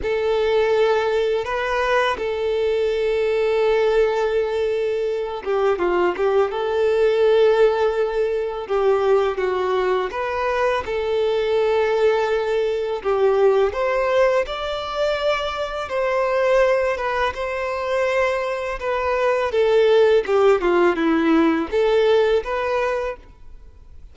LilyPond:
\new Staff \with { instrumentName = "violin" } { \time 4/4 \tempo 4 = 83 a'2 b'4 a'4~ | a'2.~ a'8 g'8 | f'8 g'8 a'2. | g'4 fis'4 b'4 a'4~ |
a'2 g'4 c''4 | d''2 c''4. b'8 | c''2 b'4 a'4 | g'8 f'8 e'4 a'4 b'4 | }